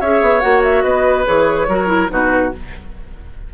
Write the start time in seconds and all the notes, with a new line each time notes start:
0.00 C#4 G#4 C#5 E5
0.21 B3
0.40 A#3 F#4 F#5
0.63 E5
0.83 B3 B4 D#5
1.25 E3 G#4 C#5
1.67 F#3 F#4 A#4
1.86 E4
2.09 B2 D#4 F#4 B4